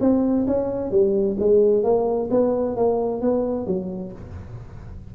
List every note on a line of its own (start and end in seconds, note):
0.00 0.46 C4
0.46 0.91 C#4
0.91 1.36 G3
1.39 1.83 G#3
1.83 2.29 A#3
2.30 2.76 B3
2.76 3.21 A#3
3.21 3.66 B3
3.66 4.12 F#3